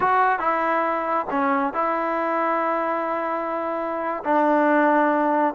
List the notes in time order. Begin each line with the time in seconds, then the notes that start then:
0.00 F#4
0.39 E4
1.30 C#4
1.73 E4
4.24 D4